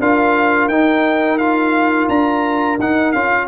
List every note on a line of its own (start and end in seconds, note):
0.00 0.68 D4
0.00 0.71 F4
0.00 3.48 A#4
0.00 0.69 F5
0.68 2.08 D#4
0.68 1.40 D#4
0.68 1.39 G5
1.39 2.80 F4
1.39 2.08 F5
2.09 2.79 D4
2.09 2.79 A#5
2.79 3.14 D#4
2.79 3.15 D#4
2.79 3.12 F#5
3.12 3.48 C#4
3.12 3.48 F4
3.12 3.47 F5